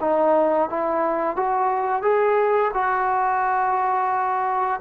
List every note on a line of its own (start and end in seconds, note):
0.00 0.69 D#4
0.69 1.36 E4
1.36 2.02 F#4
2.02 2.71 G#4
2.73 4.80 F#4